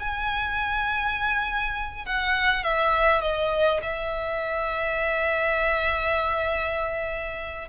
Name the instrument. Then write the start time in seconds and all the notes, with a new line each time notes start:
violin
0.00 G#5
2.06 F#5
2.64 E5
3.22 D#5
3.83 E5